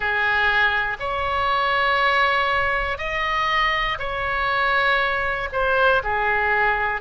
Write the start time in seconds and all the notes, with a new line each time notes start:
0.00 G#4
1.00 C#5
2.98 D#5
3.99 C#5
5.52 C5
6.03 G#4